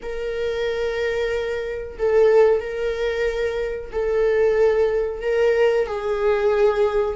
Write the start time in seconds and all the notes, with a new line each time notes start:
0.02 A#4
1.98 A4
2.60 A#4
3.91 A4
5.21 A#4
5.87 G#4